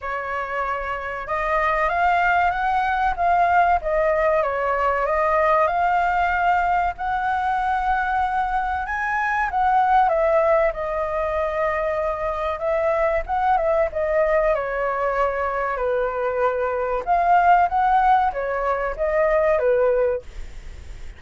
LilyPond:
\new Staff \with { instrumentName = "flute" } { \time 4/4 \tempo 4 = 95 cis''2 dis''4 f''4 | fis''4 f''4 dis''4 cis''4 | dis''4 f''2 fis''4~ | fis''2 gis''4 fis''4 |
e''4 dis''2. | e''4 fis''8 e''8 dis''4 cis''4~ | cis''4 b'2 f''4 | fis''4 cis''4 dis''4 b'4 | }